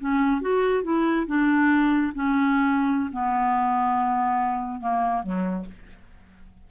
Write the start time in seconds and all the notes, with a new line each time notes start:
0.00 C#4
0.41 F#4
0.84 E4
1.27 D4
2.15 C#4
3.12 B3
4.81 A#3
5.23 F#3